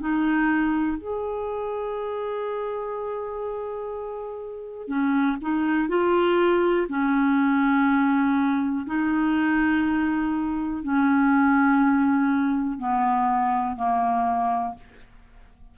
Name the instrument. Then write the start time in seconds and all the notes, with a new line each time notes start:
clarinet
0.00 D#4
0.98 G#4
4.88 C#4
5.42 D#4
5.89 F4
6.89 C#4
8.87 D#4
10.84 C#4
12.79 B3
13.77 A#3